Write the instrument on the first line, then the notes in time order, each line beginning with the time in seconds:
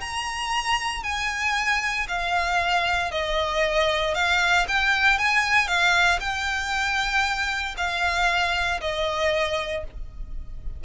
violin
0.00 A#5
1.03 G#5
2.07 F5
3.11 D#5
4.14 F5
4.67 G5
5.18 G#5
5.67 F5
6.20 G5
7.77 F5
8.80 D#5